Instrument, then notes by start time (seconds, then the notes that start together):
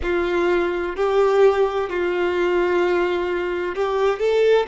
violin
0.02 F4
0.95 G4
1.89 F4
3.75 G4
4.19 A4